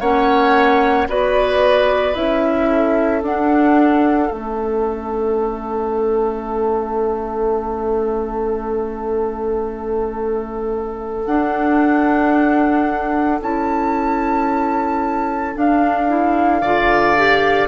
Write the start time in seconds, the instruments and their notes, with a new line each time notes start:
0.00 bassoon A#3, clarinet C#4, oboe C#5, flute F#5
1.08 bassoon B3, clarinet F#4, oboe B4, flute D5
2.14 bassoon C#4, clarinet E4, flute E5
2.69 oboe A4
3.22 bassoon D4, clarinet D4, flute F#5
4.28 bassoon A3, clarinet C#4, flute E5
11.25 bassoon D4, clarinet D4, flute F#5
13.40 bassoon C#4, clarinet E4, flute A5
15.54 clarinet D4, bassoon D4, flute F5
16.07 clarinet E4
16.61 bassoon D3, clarinet F4, oboe D5
17.16 clarinet G4